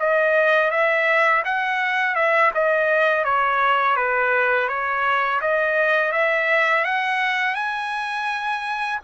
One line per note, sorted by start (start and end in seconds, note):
0.00 0.71 D#5
0.71 1.43 E5
1.45 2.16 F#5
2.16 2.52 E5
2.55 3.25 D#5
3.25 3.97 C#5
3.97 4.69 B4
4.69 5.41 C#5
5.42 6.12 D#5
6.12 6.84 E5
6.85 7.55 F#5
7.55 9.00 G#5